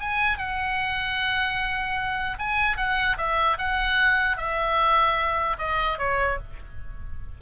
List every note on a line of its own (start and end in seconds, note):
0.00 0.38 G#5
0.38 2.38 F#5
2.39 2.77 G#5
2.77 3.17 F#5
3.17 3.57 E5
3.59 4.37 F#5
4.37 5.57 E5
5.58 5.98 D#5
5.98 6.38 C#5